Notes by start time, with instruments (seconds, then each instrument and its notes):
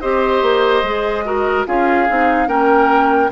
0.00 bassoon C4, clarinet G4, oboe C5, flute D#5
0.41 bassoon A#3
0.82 bassoon G#3, clarinet G#4
1.24 clarinet F#4, oboe A#4
1.66 bassoon C#4, clarinet F4, oboe G#4, flute F5
2.08 bassoon C4, clarinet D#4
2.46 bassoon A#3, clarinet C#4, oboe A#4, flute G5